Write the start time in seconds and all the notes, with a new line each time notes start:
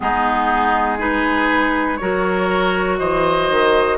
0.00 G#3 B3 D#4 G#4
0.97 D#4 G#4 B4
1.96 F#3 F#4 A#4 C#5
2.98 E3 C5 D#5
3.50 D#3